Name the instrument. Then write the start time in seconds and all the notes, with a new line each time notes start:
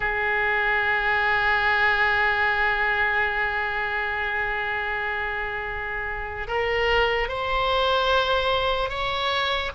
oboe
0.00 G#4
6.47 A#4
7.28 C5
8.89 C#5